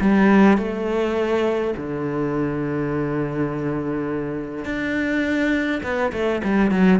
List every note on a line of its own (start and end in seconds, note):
0.00 0.57 G3
0.57 1.73 A3
1.76 4.64 D3
4.64 5.81 D4
5.83 6.12 B3
6.12 6.41 A3
6.44 6.71 G3
6.71 6.99 F#3